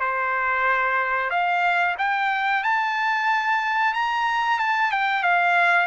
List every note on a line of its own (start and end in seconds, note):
0.00 1.30 C5
1.30 1.95 F5
1.98 2.64 G5
2.64 3.94 A5
3.94 4.59 A#5
4.59 4.92 A5
4.92 5.23 G5
5.23 5.86 F5